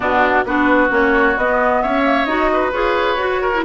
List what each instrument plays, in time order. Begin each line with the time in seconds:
0.00 bassoon B2, clarinet B3, oboe D4, flute F#4
0.44 bassoon B3, clarinet D4, oboe F#4, flute B4
0.89 bassoon A#3, clarinet C#4, flute C#5
1.36 bassoon B3, clarinet B3, flute D#5
1.82 bassoon C#4, oboe C#5, flute E5
2.03 clarinet A#3
2.25 bassoon D#4, clarinet F#4, flute D#5
2.53 oboe B4
2.72 bassoon F4, clarinet G#4, flute C#5
3.17 bassoon F#4, clarinet F#4
3.41 oboe A#4
3.53 clarinet E4